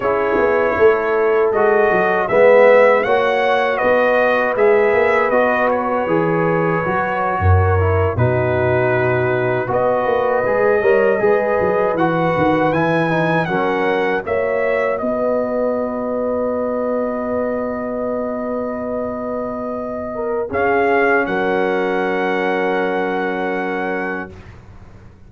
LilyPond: <<
  \new Staff \with { instrumentName = "trumpet" } { \time 4/4 \tempo 4 = 79 cis''2 dis''4 e''4 | fis''4 dis''4 e''4 dis''8 cis''8~ | cis''2~ cis''8. b'4~ b'16~ | b'8. dis''2. fis''16~ |
fis''8. gis''4 fis''4 e''4 dis''16~ | dis''1~ | dis''2. f''4 | fis''1 | }
  \new Staff \with { instrumentName = "horn" } { \time 4/4 gis'4 a'2 b'4 | cis''4 b'2.~ | b'4.~ b'16 ais'4 fis'4~ fis'16~ | fis'8. b'4. cis''8 b'4~ b'16~ |
b'4.~ b'16 ais'4 cis''4 b'16~ | b'1~ | b'2~ b'8 ais'8 gis'4 | ais'1 | }
  \new Staff \with { instrumentName = "trombone" } { \time 4/4 e'2 fis'4 b4 | fis'2 gis'4 fis'4 | gis'4 fis'4~ fis'16 e'8 dis'4~ dis'16~ | dis'8. fis'4 gis'8 ais'8 gis'4 fis'16~ |
fis'8. e'8 dis'8 cis'4 fis'4~ fis'16~ | fis'1~ | fis'2. cis'4~ | cis'1 | }
  \new Staff \with { instrumentName = "tuba" } { \time 4/4 cis'8 b8 a4 gis8 fis8 gis4 | ais4 b4 gis8 ais8 b4 | e4 fis8. fis,4 b,4~ b,16~ | b,8. b8 ais8 gis8 g8 gis8 fis8 e16~ |
e16 dis8 e4 fis4 ais4 b16~ | b1~ | b2. cis'4 | fis1 | }
>>